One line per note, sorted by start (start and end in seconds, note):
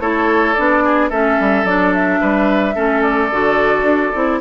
0.00 0.55 A3
0.00 0.56 E4
0.00 0.84 A4
0.00 0.54 C#5
0.54 1.11 B3
0.54 1.11 D4
0.54 1.09 D5
0.84 1.10 G#4
1.10 1.38 A3
1.10 1.67 C#4
1.10 2.20 A4
1.10 1.66 E5
1.40 1.64 G3
1.64 2.19 F#3
1.64 2.75 D4
1.64 1.93 D5
1.94 3.03 E5
2.21 2.76 G3
2.21 2.75 B4
2.75 3.31 A3
2.75 3.30 C#4
2.75 4.40 A4
3.03 4.40 D5
3.32 3.82 D3
3.32 4.14 F#4
3.82 4.10 D4
4.15 4.41 C4
4.15 4.41 E4